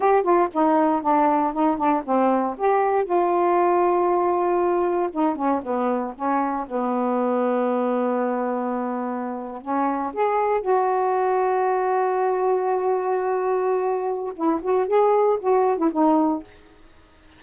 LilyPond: \new Staff \with { instrumentName = "saxophone" } { \time 4/4 \tempo 4 = 117 g'8 f'8 dis'4 d'4 dis'8 d'8 | c'4 g'4 f'2~ | f'2 dis'8 cis'8 b4 | cis'4 b2.~ |
b2~ b8. cis'4 gis'16~ | gis'8. fis'2.~ fis'16~ | fis'1 | e'8 fis'8 gis'4 fis'8. e'16 dis'4 | }